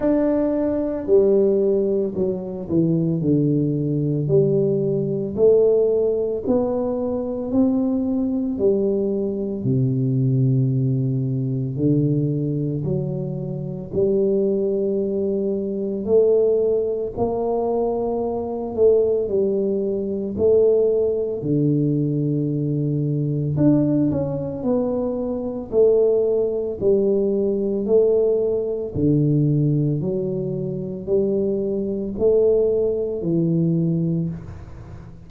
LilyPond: \new Staff \with { instrumentName = "tuba" } { \time 4/4 \tempo 4 = 56 d'4 g4 fis8 e8 d4 | g4 a4 b4 c'4 | g4 c2 d4 | fis4 g2 a4 |
ais4. a8 g4 a4 | d2 d'8 cis'8 b4 | a4 g4 a4 d4 | fis4 g4 a4 e4 | }